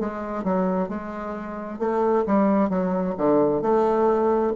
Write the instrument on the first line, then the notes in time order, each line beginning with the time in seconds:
bassoon
0.00 G#3
0.44 F#3
0.89 G#3
1.79 A3
2.26 G3
2.70 F#3
3.18 D3
3.62 A3